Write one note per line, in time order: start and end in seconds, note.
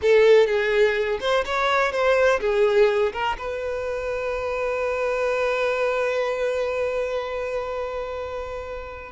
0.02 0.46 A4
0.46 1.18 G#4
1.20 1.44 C5
1.45 1.92 C#5
1.92 2.40 C5
2.40 3.12 G#4
3.12 3.36 A#4
3.37 9.12 B4